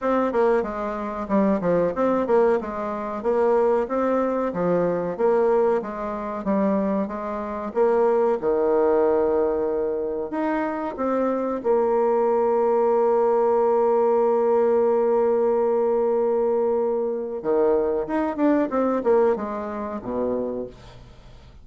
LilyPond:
\new Staff \with { instrumentName = "bassoon" } { \time 4/4 \tempo 4 = 93 c'8 ais8 gis4 g8 f8 c'8 ais8 | gis4 ais4 c'4 f4 | ais4 gis4 g4 gis4 | ais4 dis2. |
dis'4 c'4 ais2~ | ais1~ | ais2. dis4 | dis'8 d'8 c'8 ais8 gis4 b,4 | }